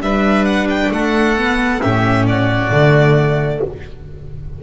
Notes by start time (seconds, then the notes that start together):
0.00 G3 D4 B4 E5
0.45 F#5
0.69 G5
0.91 A3 A4 F#5
1.37 B3
1.81 A2 C#4 G4 E5
2.26 F#4 D5
2.71 D3 A3